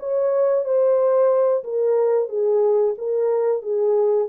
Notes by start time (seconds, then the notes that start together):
0.00 C#5
0.65 C5
1.64 A#4
2.29 G#4
2.98 A#4
3.63 G#4